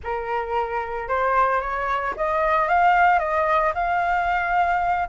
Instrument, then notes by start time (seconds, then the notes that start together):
flute
0.03 A#4
1.08 C5
1.60 C#5
2.16 D#5
2.68 F5
3.19 D#5
3.74 F5